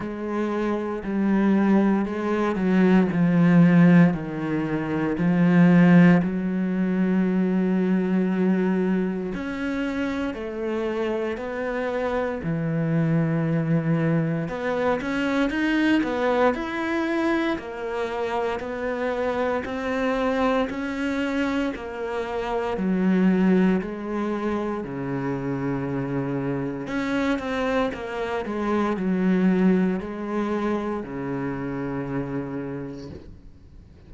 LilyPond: \new Staff \with { instrumentName = "cello" } { \time 4/4 \tempo 4 = 58 gis4 g4 gis8 fis8 f4 | dis4 f4 fis2~ | fis4 cis'4 a4 b4 | e2 b8 cis'8 dis'8 b8 |
e'4 ais4 b4 c'4 | cis'4 ais4 fis4 gis4 | cis2 cis'8 c'8 ais8 gis8 | fis4 gis4 cis2 | }